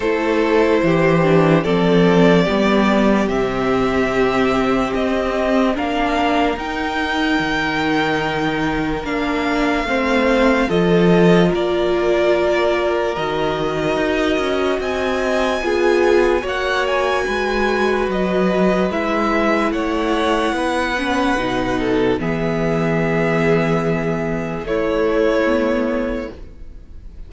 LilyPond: <<
  \new Staff \with { instrumentName = "violin" } { \time 4/4 \tempo 4 = 73 c''2 d''2 | e''2 dis''4 f''4 | g''2. f''4~ | f''4 dis''4 d''2 |
dis''2 gis''2 | fis''8 gis''4. dis''4 e''4 | fis''2. e''4~ | e''2 cis''2 | }
  \new Staff \with { instrumentName = "violin" } { \time 4/4 a'4 g'4 a'4 g'4~ | g'2. ais'4~ | ais'1 | c''4 a'4 ais'2~ |
ais'2 dis''4 gis'4 | cis''4 b'2. | cis''4 b'4. a'8 gis'4~ | gis'2 e'2 | }
  \new Staff \with { instrumentName = "viola" } { \time 4/4 e'4. d'8 c'4 b4 | c'2. d'4 | dis'2. d'4 | c'4 f'2. |
fis'2. f'4 | fis'2. e'4~ | e'4. cis'8 dis'4 b4~ | b2 a4 b4 | }
  \new Staff \with { instrumentName = "cello" } { \time 4/4 a4 e4 f4 g4 | c2 c'4 ais4 | dis'4 dis2 ais4 | a4 f4 ais2 |
dis4 dis'8 cis'8 c'4 b4 | ais4 gis4 fis4 gis4 | a4 b4 b,4 e4~ | e2 a2 | }
>>